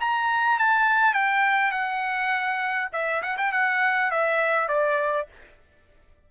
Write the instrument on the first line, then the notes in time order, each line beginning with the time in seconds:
trumpet
0.00 A#5
0.59 A5
1.14 G5
1.72 F#5
2.93 E5
3.22 F#5
3.37 G5
3.52 F#5
4.11 E5
4.68 D5